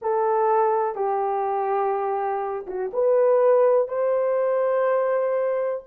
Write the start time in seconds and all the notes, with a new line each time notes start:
0.01 A4
0.95 G4
2.66 F#4
2.93 B4
3.88 C5